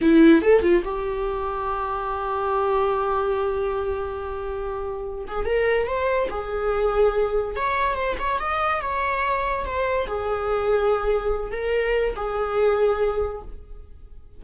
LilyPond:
\new Staff \with { instrumentName = "viola" } { \time 4/4 \tempo 4 = 143 e'4 a'8 f'8 g'2~ | g'1~ | g'1~ | g'8 gis'8 ais'4 c''4 gis'4~ |
gis'2 cis''4 c''8 cis''8 | dis''4 cis''2 c''4 | gis'2.~ gis'8 ais'8~ | ais'4 gis'2. | }